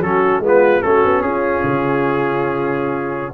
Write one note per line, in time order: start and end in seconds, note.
0.00 0.39 F#3
0.00 0.42 C#4
0.00 0.43 F#4
0.00 0.42 A4
0.39 0.80 G#3
0.39 0.82 B3
0.39 0.83 F4
0.47 0.82 B4
0.82 1.04 A3
0.82 3.34 C#4
0.82 1.23 F#4
0.82 1.22 A4
1.04 1.22 B3
1.22 1.62 C#4
1.22 3.34 F4
1.22 3.33 G#4
1.63 3.34 C#3